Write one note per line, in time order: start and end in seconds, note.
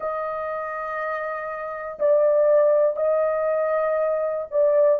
0.00 1.99 D#5
1.99 2.96 D5
2.96 4.46 D#5
4.50 4.99 D5